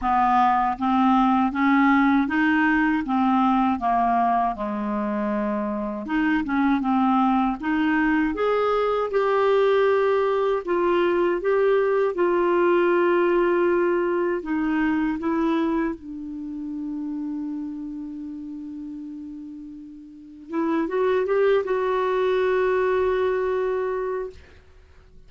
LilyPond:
\new Staff \with { instrumentName = "clarinet" } { \time 4/4 \tempo 4 = 79 b4 c'4 cis'4 dis'4 | c'4 ais4 gis2 | dis'8 cis'8 c'4 dis'4 gis'4 | g'2 f'4 g'4 |
f'2. dis'4 | e'4 d'2.~ | d'2. e'8 fis'8 | g'8 fis'2.~ fis'8 | }